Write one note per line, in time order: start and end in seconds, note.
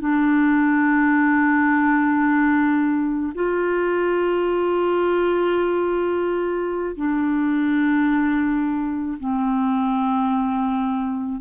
0.00 3.33 D4
3.35 6.96 F4
6.96 9.18 D4
9.19 11.41 C4